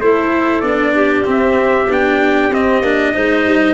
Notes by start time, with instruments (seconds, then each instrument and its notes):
0.00 tuba A3, cello E4, clarinet A4, trumpet C5
0.61 tuba B3, cello D4, trumpet D5
0.95 clarinet G4
1.25 cello C4, tuba C4, trumpet E5
1.89 tuba B3, cello D4, trumpet G5
2.50 tuba C4, cello C4, trumpet D#5
2.81 tuba A#3, cello D4
3.13 tuba G#3, cello D#4, clarinet C5
3.45 tuba G3